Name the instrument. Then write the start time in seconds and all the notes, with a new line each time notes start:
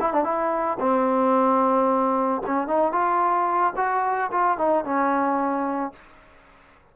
trombone
0.00 E4
0.13 D4
0.24 E4
0.79 C4
2.46 C#4
2.67 D#4
2.92 F4
3.76 F#4
4.31 F4
4.57 D#4
4.84 C#4